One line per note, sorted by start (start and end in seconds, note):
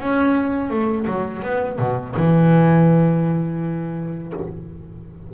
0.00 0.70 C#4
0.70 1.06 A3
1.07 1.43 F#3
1.43 1.79 B3
1.79 2.15 B2
2.17 4.34 E3